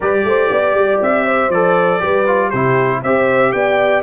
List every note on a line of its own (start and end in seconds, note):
0.00 0.24 G3
0.00 1.52 G4
0.00 0.23 B4
0.00 1.01 D5
0.24 0.49 A3
0.24 0.51 C5
0.51 0.73 B3
0.51 1.25 D5
0.73 0.99 G3
1.01 1.49 C4
1.01 1.50 E5
1.25 2.01 C5
1.49 1.99 F3
1.49 1.99 A4
1.49 2.49 D5
1.99 2.52 G3
1.99 2.24 G4
1.99 2.48 B4
2.26 2.52 F4
2.48 3.03 C3
2.48 3.04 E4
2.48 2.99 G4
2.48 3.00 C5
3.02 3.53 C4
3.02 4.02 G4
3.02 3.52 C5
3.02 3.52 E5
3.52 4.02 B3
3.52 4.02 D5
3.52 4.02 G5